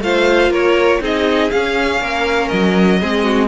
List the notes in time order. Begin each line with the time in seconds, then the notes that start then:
0.00 A3 F4 C5 F5
0.49 A#3 A#4 C#5
1.00 C4 D#4 G#4 D#5
1.50 C#4 F5
2.00 A#3 A#4
2.48 F#3 D#5
3.00 G#3 C4 G#4
3.23 F#4